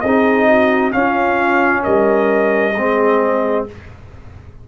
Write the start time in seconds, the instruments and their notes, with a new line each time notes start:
0.00 tuba C4, horn G#4, trumpet D#5
0.06 trombone D#4
0.48 horn F#4
0.92 trombone C#4, tuba C#4, horn F4, trumpet F5
1.83 tuba G3, horn A#4, trumpet D#5
2.73 tuba G#3, trombone C4, horn G#4